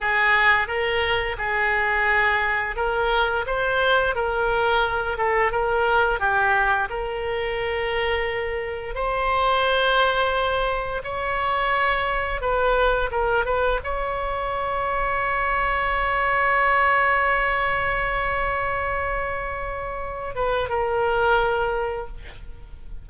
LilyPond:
\new Staff \with { instrumentName = "oboe" } { \time 4/4 \tempo 4 = 87 gis'4 ais'4 gis'2 | ais'4 c''4 ais'4. a'8 | ais'4 g'4 ais'2~ | ais'4 c''2. |
cis''2 b'4 ais'8 b'8 | cis''1~ | cis''1~ | cis''4. b'8 ais'2 | }